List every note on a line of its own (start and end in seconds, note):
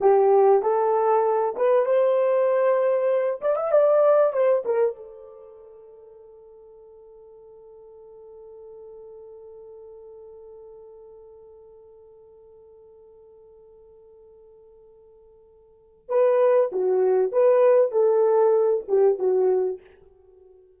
0.00 0.62 G4
0.62 1.55 A4
1.56 1.85 B4
1.85 3.40 C5
3.41 3.56 D5
3.56 3.71 E5
3.71 4.32 D5
4.32 4.63 C5
4.65 4.95 A#4
4.95 16.08 A4
16.08 16.70 B4
16.72 17.32 F#4
17.32 17.91 B4
17.91 18.84 A4
18.88 19.18 G4
19.18 19.80 F#4